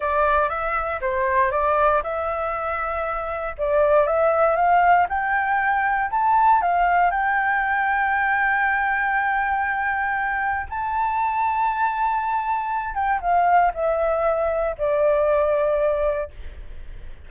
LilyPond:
\new Staff \with { instrumentName = "flute" } { \time 4/4 \tempo 4 = 118 d''4 e''4 c''4 d''4 | e''2. d''4 | e''4 f''4 g''2 | a''4 f''4 g''2~ |
g''1~ | g''4 a''2.~ | a''4. g''8 f''4 e''4~ | e''4 d''2. | }